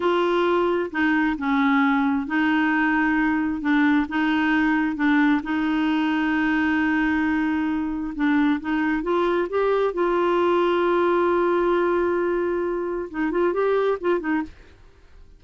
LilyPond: \new Staff \with { instrumentName = "clarinet" } { \time 4/4 \tempo 4 = 133 f'2 dis'4 cis'4~ | cis'4 dis'2. | d'4 dis'2 d'4 | dis'1~ |
dis'2 d'4 dis'4 | f'4 g'4 f'2~ | f'1~ | f'4 dis'8 f'8 g'4 f'8 dis'8 | }